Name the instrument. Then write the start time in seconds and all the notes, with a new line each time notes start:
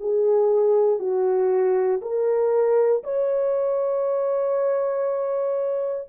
horn
0.00 G#4
0.99 F#4
2.02 A#4
3.04 C#5